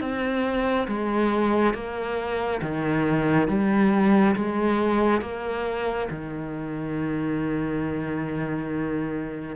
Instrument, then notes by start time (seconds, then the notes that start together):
cello
0.00 C4
0.87 G#3
1.74 A#3
2.61 D#3
3.47 G3
4.35 G#3
5.21 A#3
6.10 D#3